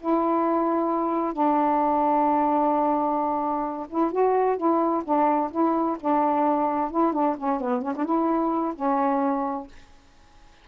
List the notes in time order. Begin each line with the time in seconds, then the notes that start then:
0.00 E4
1.33 D4
3.89 E4
4.11 F#4
4.57 E4
5.04 D4
5.51 E4
6.00 D4
6.90 E4
7.13 D4
7.37 C#4
7.60 B3
7.82 C#4
7.96 D4
8.05 E4
8.75 C#4